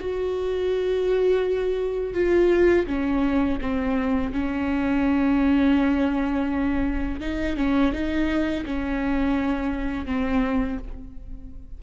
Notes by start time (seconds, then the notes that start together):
0.00 F#4
2.14 F4
2.87 C#4
3.61 C4
4.33 C#4
7.21 D#4
7.57 C#4
7.93 D#4
8.66 C#4
10.06 C4